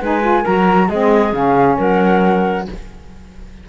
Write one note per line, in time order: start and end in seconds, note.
0.00 0.45 G#3
0.00 0.22 D#4
0.00 0.42 B4
0.00 0.45 G#5
0.22 0.44 F4
0.42 0.89 F#3
0.42 0.89 F#4
0.42 0.86 A#4
0.42 0.89 A#5
0.88 1.33 G#3
0.88 1.33 C4
0.88 1.76 G#4
0.88 1.33 D#5
1.33 1.77 C#3
1.33 2.66 C#4
1.33 1.78 F5
1.77 2.67 F#3
1.77 2.66 A#4
1.77 2.69 F#5